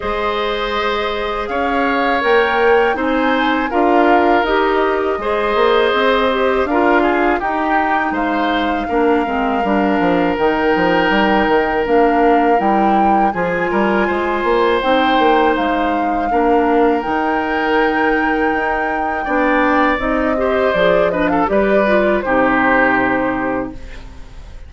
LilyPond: <<
  \new Staff \with { instrumentName = "flute" } { \time 4/4 \tempo 4 = 81 dis''2 f''4 g''4 | gis''4 f''4 dis''2~ | dis''4 f''4 g''4 f''4~ | f''2 g''2 |
f''4 g''4 gis''2 | g''4 f''2 g''4~ | g''2. dis''4 | d''8 dis''16 f''16 d''4 c''2 | }
  \new Staff \with { instrumentName = "oboe" } { \time 4/4 c''2 cis''2 | c''4 ais'2 c''4~ | c''4 ais'8 gis'8 g'4 c''4 | ais'1~ |
ais'2 gis'8 ais'8 c''4~ | c''2 ais'2~ | ais'2 d''4. c''8~ | c''8 b'16 a'16 b'4 g'2 | }
  \new Staff \with { instrumentName = "clarinet" } { \time 4/4 gis'2. ais'4 | dis'4 f'4 g'4 gis'4~ | gis'8 g'8 f'4 dis'2 | d'8 c'8 d'4 dis'2 |
d'4 e'4 f'2 | dis'2 d'4 dis'4~ | dis'2 d'4 dis'8 g'8 | gis'8 d'8 g'8 f'8 dis'2 | }
  \new Staff \with { instrumentName = "bassoon" } { \time 4/4 gis2 cis'4 ais4 | c'4 d'4 dis'4 gis8 ais8 | c'4 d'4 dis'4 gis4 | ais8 gis8 g8 f8 dis8 f8 g8 dis8 |
ais4 g4 f8 g8 gis8 ais8 | c'8 ais8 gis4 ais4 dis4~ | dis4 dis'4 b4 c'4 | f4 g4 c2 | }
>>